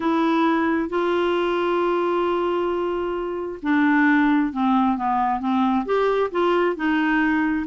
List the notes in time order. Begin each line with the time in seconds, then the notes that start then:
0.00 E4
0.89 F4
3.62 D4
4.53 C4
4.97 B3
5.40 C4
5.85 G4
6.31 F4
6.76 D#4